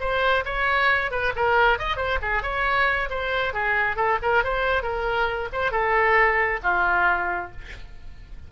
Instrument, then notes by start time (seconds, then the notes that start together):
oboe
0.00 C5
0.45 C#5
1.11 B4
1.36 A#4
1.78 D#5
1.96 C5
2.22 G#4
2.43 C#5
3.10 C5
3.53 G#4
3.96 A4
4.22 A#4
4.44 C5
4.82 A#4
5.52 C5
5.71 A4
6.63 F4